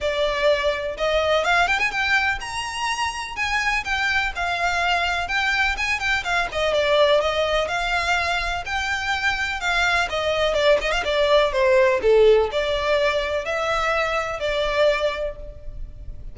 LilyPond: \new Staff \with { instrumentName = "violin" } { \time 4/4 \tempo 4 = 125 d''2 dis''4 f''8 g''16 gis''16 | g''4 ais''2 gis''4 | g''4 f''2 g''4 | gis''8 g''8 f''8 dis''8 d''4 dis''4 |
f''2 g''2 | f''4 dis''4 d''8 dis''16 f''16 d''4 | c''4 a'4 d''2 | e''2 d''2 | }